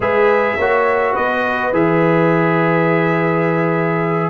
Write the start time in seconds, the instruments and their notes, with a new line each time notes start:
0.00 tuba G#3, trombone G#4, horn B4, trumpet E5
0.58 tuba A#3, trombone F#4, horn C#5
1.12 tuba B3, horn B4, trumpet D#5
1.72 tuba E3, trombone G#4, trumpet E5